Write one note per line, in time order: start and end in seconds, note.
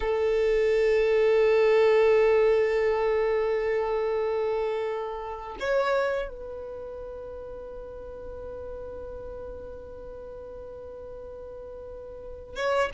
0.00 5.57 A4
5.59 6.29 C#5
6.29 12.55 B4
12.55 12.90 C#5